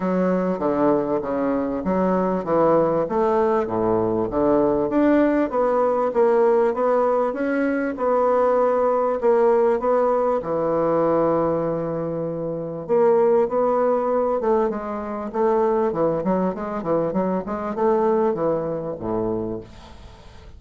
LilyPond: \new Staff \with { instrumentName = "bassoon" } { \time 4/4 \tempo 4 = 98 fis4 d4 cis4 fis4 | e4 a4 a,4 d4 | d'4 b4 ais4 b4 | cis'4 b2 ais4 |
b4 e2.~ | e4 ais4 b4. a8 | gis4 a4 e8 fis8 gis8 e8 | fis8 gis8 a4 e4 a,4 | }